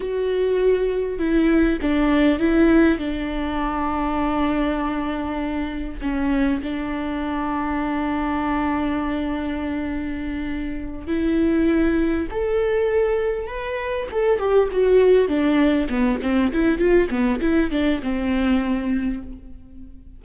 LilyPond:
\new Staff \with { instrumentName = "viola" } { \time 4/4 \tempo 4 = 100 fis'2 e'4 d'4 | e'4 d'2.~ | d'2 cis'4 d'4~ | d'1~ |
d'2~ d'8 e'4.~ | e'8 a'2 b'4 a'8 | g'8 fis'4 d'4 b8 c'8 e'8 | f'8 b8 e'8 d'8 c'2 | }